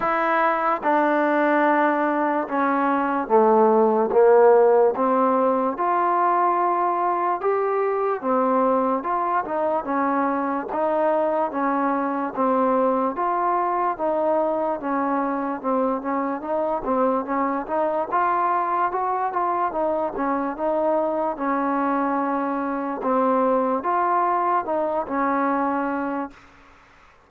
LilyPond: \new Staff \with { instrumentName = "trombone" } { \time 4/4 \tempo 4 = 73 e'4 d'2 cis'4 | a4 ais4 c'4 f'4~ | f'4 g'4 c'4 f'8 dis'8 | cis'4 dis'4 cis'4 c'4 |
f'4 dis'4 cis'4 c'8 cis'8 | dis'8 c'8 cis'8 dis'8 f'4 fis'8 f'8 | dis'8 cis'8 dis'4 cis'2 | c'4 f'4 dis'8 cis'4. | }